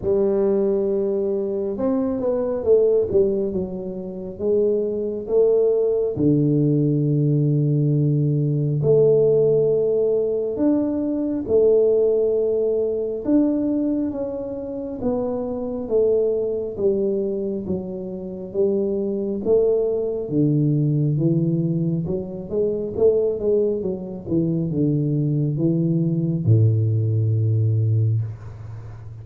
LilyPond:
\new Staff \with { instrumentName = "tuba" } { \time 4/4 \tempo 4 = 68 g2 c'8 b8 a8 g8 | fis4 gis4 a4 d4~ | d2 a2 | d'4 a2 d'4 |
cis'4 b4 a4 g4 | fis4 g4 a4 d4 | e4 fis8 gis8 a8 gis8 fis8 e8 | d4 e4 a,2 | }